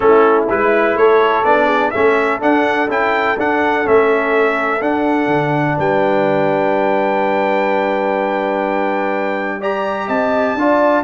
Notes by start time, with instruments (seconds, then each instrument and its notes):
0.00 tuba A3, trombone C#4, horn E4, trumpet A4
0.49 tuba G#3, trombone E4, trumpet B4
0.95 tuba A3, horn A4, trumpet C#5
1.44 tuba B3, trombone D4, trumpet D5
1.66 horn G#4
1.90 tuba A3, trombone C#4, horn A4, trumpet E5
2.40 trombone D4, tuba D4, trumpet F#5
2.88 tuba C#4, trombone E4, trumpet G5
3.37 tuba D4, trombone D4, trumpet F#5
3.84 tuba A3, trombone C#4, trumpet E5
4.81 tuba D4, trombone D4, trumpet F#5
5.26 tuba D3
5.77 tuba G3, horn B4, trumpet G5
9.58 trombone G4, horn D5, trumpet A#5
10.07 tuba C4, horn D#5, trumpet A5
10.54 tuba D4, trombone F4, horn D5